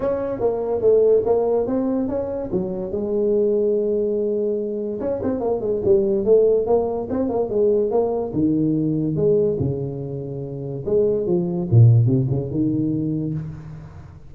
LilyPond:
\new Staff \with { instrumentName = "tuba" } { \time 4/4 \tempo 4 = 144 cis'4 ais4 a4 ais4 | c'4 cis'4 fis4 gis4~ | gis1 | cis'8 c'8 ais8 gis8 g4 a4 |
ais4 c'8 ais8 gis4 ais4 | dis2 gis4 cis4~ | cis2 gis4 f4 | ais,4 c8 cis8 dis2 | }